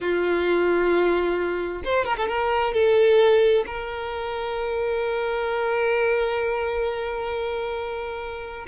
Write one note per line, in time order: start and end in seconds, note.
0.00 1.82 F4
1.84 2.05 C5
2.05 2.16 A#4
2.16 2.28 A4
2.28 2.73 A#4
2.73 3.64 A4
3.66 8.66 A#4